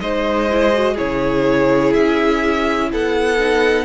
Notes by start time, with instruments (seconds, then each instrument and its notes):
0.00 cello G#3, viola D#4, violin C5 D#5
0.50 viola E4
0.73 viola F#4
0.94 cello C#3, viola E4, violin G#4 C#5
1.93 cello C#4, violin E5
2.92 cello B3, violin A4 F#5
3.39 viola D#4